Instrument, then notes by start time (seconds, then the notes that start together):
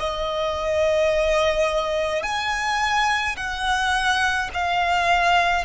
violin
0.00 D#5
2.23 G#5
3.37 F#5
4.54 F5